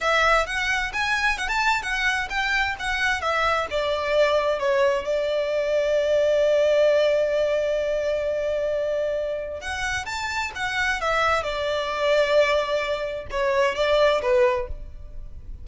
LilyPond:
\new Staff \with { instrumentName = "violin" } { \time 4/4 \tempo 4 = 131 e''4 fis''4 gis''4 fis''16 a''8. | fis''4 g''4 fis''4 e''4 | d''2 cis''4 d''4~ | d''1~ |
d''1~ | d''4 fis''4 a''4 fis''4 | e''4 d''2.~ | d''4 cis''4 d''4 b'4 | }